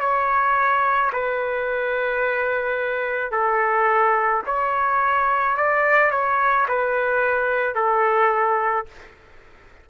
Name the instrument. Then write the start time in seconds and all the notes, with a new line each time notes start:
trumpet
0.00 C#5
1.13 B4
3.31 A4
4.46 C#5
5.57 D5
6.11 C#5
6.68 B4
7.75 A4